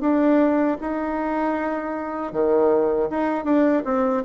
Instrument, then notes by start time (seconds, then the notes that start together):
bassoon
0.00 D4
0.81 D#4
2.32 D#3
3.10 D#4
3.44 D4
3.85 C4